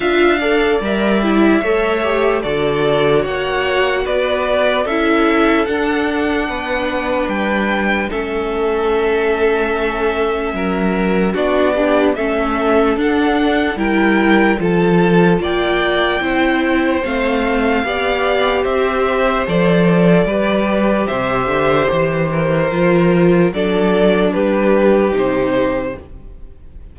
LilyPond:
<<
  \new Staff \with { instrumentName = "violin" } { \time 4/4 \tempo 4 = 74 f''4 e''2 d''4 | fis''4 d''4 e''4 fis''4~ | fis''4 g''4 e''2~ | e''2 d''4 e''4 |
fis''4 g''4 a''4 g''4~ | g''4 f''2 e''4 | d''2 e''4 c''4~ | c''4 d''4 b'4 c''4 | }
  \new Staff \with { instrumentName = "violin" } { \time 4/4 e''8 d''4. cis''4 a'4 | cis''4 b'4 a'2 | b'2 a'2~ | a'4 ais'4 fis'8 d'8 a'4~ |
a'4 ais'4 a'4 d''4 | c''2 d''4 c''4~ | c''4 b'4 c''4. ais'8~ | ais'4 a'4 g'2 | }
  \new Staff \with { instrumentName = "viola" } { \time 4/4 f'8 a'8 ais'8 e'8 a'8 g'8 fis'4~ | fis'2 e'4 d'4~ | d'2 cis'2~ | cis'2 d'8 g'8 cis'4 |
d'4 e'4 f'2 | e'4 c'4 g'2 | a'4 g'2. | f'4 d'2 dis'4 | }
  \new Staff \with { instrumentName = "cello" } { \time 4/4 d'4 g4 a4 d4 | ais4 b4 cis'4 d'4 | b4 g4 a2~ | a4 fis4 b4 a4 |
d'4 g4 f4 ais4 | c'4 a4 b4 c'4 | f4 g4 c8 d8 e4 | f4 fis4 g4 c4 | }
>>